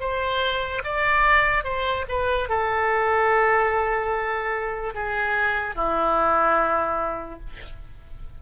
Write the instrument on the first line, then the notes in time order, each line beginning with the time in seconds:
oboe
0.00 C5
0.84 D5
1.64 C5
2.08 B4
2.49 A4
4.94 G#4
5.75 E4